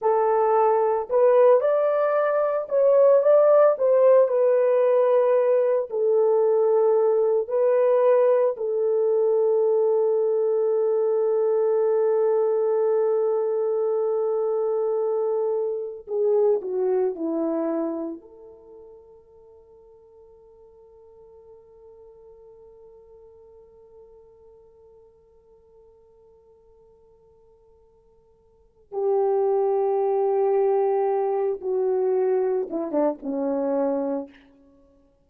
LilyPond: \new Staff \with { instrumentName = "horn" } { \time 4/4 \tempo 4 = 56 a'4 b'8 d''4 cis''8 d''8 c''8 | b'4. a'4. b'4 | a'1~ | a'2. gis'8 fis'8 |
e'4 a'2.~ | a'1~ | a'2. g'4~ | g'4. fis'4 e'16 d'16 cis'4 | }